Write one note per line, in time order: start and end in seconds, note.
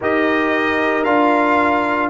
0.00 1.05 D#4
0.00 1.05 G4
0.00 2.09 A#4
0.00 1.04 D#5
1.04 2.09 D4
1.04 2.09 F4
1.04 2.09 F5